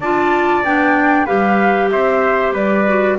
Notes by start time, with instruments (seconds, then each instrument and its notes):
0.00 double bass D4, clarinet F4, trumpet D5, flute A5
0.64 double bass B3, clarinet D4, flute G5
1.25 double bass G3, clarinet G4, trumpet B4, flute F5
1.90 double bass C4, trumpet C5, flute E5
2.52 double bass G3, trumpet B4, flute D5
2.87 clarinet F#4